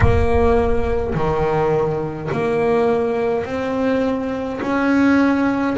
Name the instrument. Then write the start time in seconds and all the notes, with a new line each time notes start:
double bass
0.00 A#3
1.14 D#3
2.31 A#3
3.44 C4
4.61 C#4